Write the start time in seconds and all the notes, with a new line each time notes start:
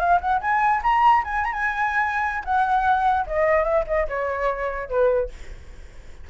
0.00 F5
0.21 F#5
0.41 G#5
0.83 A#5
1.25 G#5
1.45 A#5
1.53 G#5
2.45 F#5
3.27 D#5
3.64 E5
3.88 D#5
4.09 C#5
4.90 B4